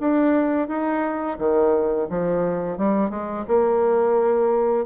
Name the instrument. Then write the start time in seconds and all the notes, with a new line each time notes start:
bassoon
0.00 D4
0.68 D#4
1.38 D#3
2.09 F3
2.77 G3
3.10 G#3
3.47 A#3